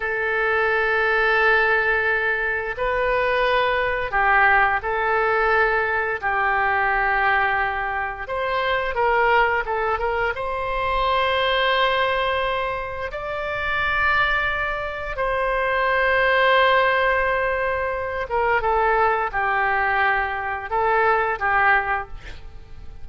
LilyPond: \new Staff \with { instrumentName = "oboe" } { \time 4/4 \tempo 4 = 87 a'1 | b'2 g'4 a'4~ | a'4 g'2. | c''4 ais'4 a'8 ais'8 c''4~ |
c''2. d''4~ | d''2 c''2~ | c''2~ c''8 ais'8 a'4 | g'2 a'4 g'4 | }